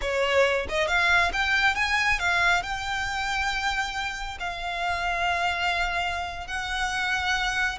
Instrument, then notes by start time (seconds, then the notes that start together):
violin
0.01 C#5
0.68 D#5
0.87 F5
1.32 G5
1.75 G#5
2.19 F5
2.63 G5
4.39 F5
6.47 F#5